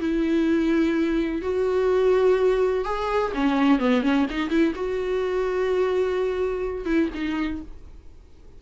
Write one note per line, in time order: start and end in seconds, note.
0.00 1.42 E4
1.42 2.85 F#4
2.85 3.33 G#4
3.35 3.79 C#4
3.79 4.03 B3
4.03 4.27 C#4
4.31 4.50 D#4
4.50 4.74 E4
4.75 6.85 F#4
6.85 7.09 E4
7.15 7.62 D#4